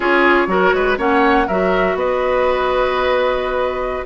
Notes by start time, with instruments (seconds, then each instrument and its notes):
0.00 bassoon C#4, clarinet F4, oboe G#4, flute C#5
0.47 bassoon F#3, clarinet F#4, oboe A#4
0.73 bassoon G#3, oboe B4
0.97 bassoon A#3, clarinet C#4, oboe C#5, flute F#5
1.47 bassoon F#3, clarinet F#4, oboe A#4, flute E5
1.94 bassoon B3, oboe B4, flute D#5